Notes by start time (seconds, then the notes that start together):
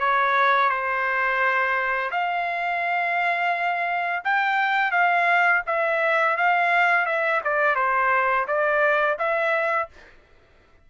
0.00 C#5
0.69 C5
2.11 F5
4.24 G5
4.92 F5
5.67 E5
6.37 F5
7.06 E5
7.44 D5
7.76 C5
8.47 D5
9.19 E5